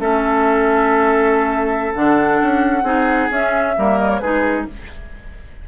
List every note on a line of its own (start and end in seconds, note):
0.00 1.93 A3
0.00 1.93 C#4
0.00 2.84 A4
0.00 1.94 E5
1.95 2.41 D3
1.95 2.84 D4
1.95 3.31 F#5
2.42 2.83 C#4
2.83 3.29 C4
2.83 3.29 D#4
2.83 3.75 G#4
3.30 3.76 C#4
3.30 3.77 C#4
3.30 3.99 E5
3.77 4.21 G3
3.77 4.22 A#3
3.77 4.21 A#4
3.99 4.10 D#5
4.10 4.19 C#5
4.19 4.66 G#3
4.19 4.68 D#4
4.19 4.67 G#4
4.19 4.65 B4